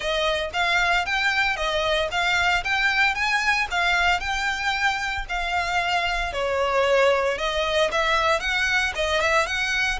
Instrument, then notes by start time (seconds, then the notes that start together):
violin
0.00 D#5
0.53 F5
1.05 G5
1.56 D#5
2.11 F5
2.64 G5
3.14 G#5
3.70 F5
4.20 G5
5.28 F5
6.32 C#5
7.38 D#5
7.91 E5
8.39 F#5
8.95 D#5
9.21 E5
9.46 F#5